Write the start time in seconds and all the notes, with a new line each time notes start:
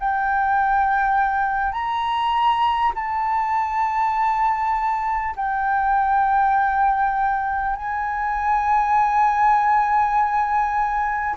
0.00 G5
1.73 A#5
2.95 A5
5.37 G5
7.76 G#5